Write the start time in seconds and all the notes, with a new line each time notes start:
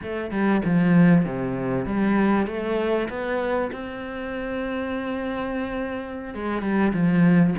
0.02 A3
0.30 G3
0.64 F3
1.25 C3
1.85 G3
2.46 A3
3.09 B3
3.72 C4
6.34 G#3
6.61 G3
6.93 F3